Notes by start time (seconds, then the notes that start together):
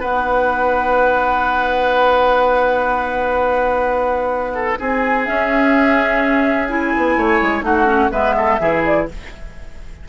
0.00 B3 D#4 B4 F#5
4.54 A4
4.79 C4 G#4 G#5
5.26 C#4 E5
6.68 E4 G#5
6.96 B3
7.17 A3 C#5
7.41 G#3
7.62 A3 D#4 F#4 F#5
7.86 C#4
8.11 G#3 B3 B4 E5
8.37 A4
8.60 E3 E4 G#4
8.85 D5